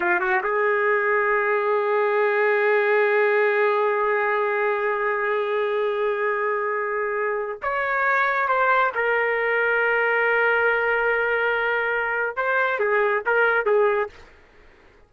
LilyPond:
\new Staff \with { instrumentName = "trumpet" } { \time 4/4 \tempo 4 = 136 f'8 fis'8 gis'2.~ | gis'1~ | gis'1~ | gis'1~ |
gis'4~ gis'16 cis''2 c''8.~ | c''16 ais'2.~ ais'8.~ | ais'1 | c''4 gis'4 ais'4 gis'4 | }